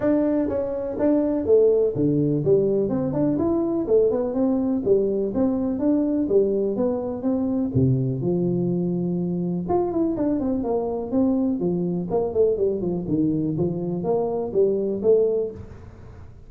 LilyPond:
\new Staff \with { instrumentName = "tuba" } { \time 4/4 \tempo 4 = 124 d'4 cis'4 d'4 a4 | d4 g4 c'8 d'8 e'4 | a8 b8 c'4 g4 c'4 | d'4 g4 b4 c'4 |
c4 f2. | f'8 e'8 d'8 c'8 ais4 c'4 | f4 ais8 a8 g8 f8 dis4 | f4 ais4 g4 a4 | }